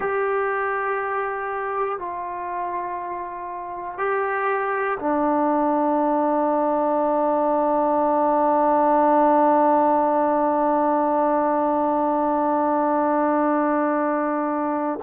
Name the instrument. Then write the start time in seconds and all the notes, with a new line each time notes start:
trombone
0.00 G4
1.98 F4
3.98 G4
4.99 D4